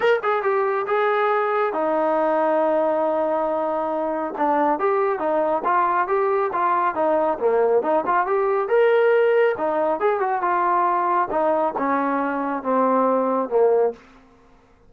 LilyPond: \new Staff \with { instrumentName = "trombone" } { \time 4/4 \tempo 4 = 138 ais'8 gis'8 g'4 gis'2 | dis'1~ | dis'2 d'4 g'4 | dis'4 f'4 g'4 f'4 |
dis'4 ais4 dis'8 f'8 g'4 | ais'2 dis'4 gis'8 fis'8 | f'2 dis'4 cis'4~ | cis'4 c'2 ais4 | }